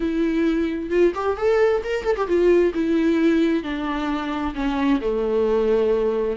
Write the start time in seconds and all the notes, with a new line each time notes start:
0.00 E4
0.90 F4
1.14 G4
1.37 A4
1.84 A#4
2.04 A4
2.16 G4
2.27 F4
2.74 E4
3.63 D4
4.55 C#4
5.00 A3